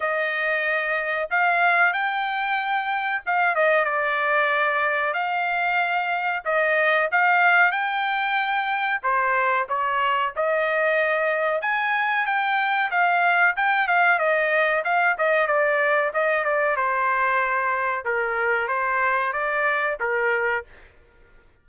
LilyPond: \new Staff \with { instrumentName = "trumpet" } { \time 4/4 \tempo 4 = 93 dis''2 f''4 g''4~ | g''4 f''8 dis''8 d''2 | f''2 dis''4 f''4 | g''2 c''4 cis''4 |
dis''2 gis''4 g''4 | f''4 g''8 f''8 dis''4 f''8 dis''8 | d''4 dis''8 d''8 c''2 | ais'4 c''4 d''4 ais'4 | }